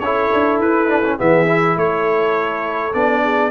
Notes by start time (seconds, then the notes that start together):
0.00 C#4 E4 A4 C#5
0.33 D4
0.60 E4 B4
0.88 D4
1.04 C#4
1.18 E3 B3 G#4 E5
1.47 E4
1.76 A3 A4 C#5
2.93 B3 D4 D5
3.23 G#4